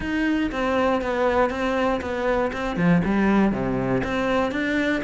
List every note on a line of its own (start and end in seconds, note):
0.00 0.50 D#4
0.51 1.01 C4
1.01 1.49 B3
1.49 2.00 C4
2.01 2.51 B3
2.52 2.76 C4
2.76 3.01 F3
3.04 3.52 G3
3.52 4.02 C3
4.03 4.51 C4
4.51 5.02 D4